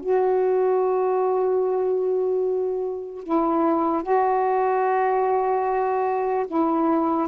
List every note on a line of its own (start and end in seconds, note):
0.00 3.24 F#4
3.24 4.03 E4
4.03 6.46 F#4
6.48 7.28 E4